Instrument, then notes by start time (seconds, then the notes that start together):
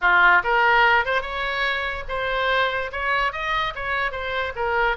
oboe
0.01 F4
0.43 A#4
1.05 C5
1.21 C#5
2.08 C5
2.92 C#5
3.32 D#5
3.75 C#5
4.11 C5
4.55 A#4